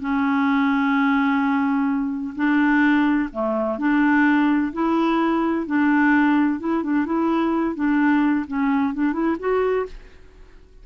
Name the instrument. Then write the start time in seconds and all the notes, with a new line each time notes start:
clarinet
0.00 C#4
2.35 D4
3.32 A3
3.78 D4
4.73 E4
5.66 D4
6.59 E4
6.83 D4
7.06 E4
7.75 D4
8.47 C#4
8.94 D4
9.13 E4
9.39 F#4